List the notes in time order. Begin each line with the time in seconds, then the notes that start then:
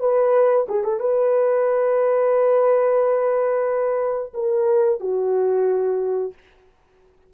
0.00 B4
0.69 G#4
0.84 A4
1.00 B4
4.34 A#4
5.00 F#4